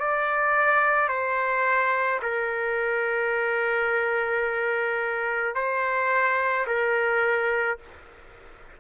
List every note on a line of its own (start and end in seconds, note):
0.00 1.09 D5
1.09 2.20 C5
2.23 5.55 A#4
5.55 6.66 C5
6.67 7.78 A#4